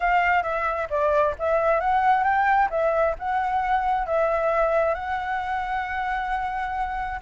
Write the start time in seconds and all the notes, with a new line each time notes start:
0.00 F5
0.42 E5
0.90 D5
1.39 E5
1.80 F#5
2.23 G5
2.69 E5
3.18 F#5
4.06 E5
4.94 F#5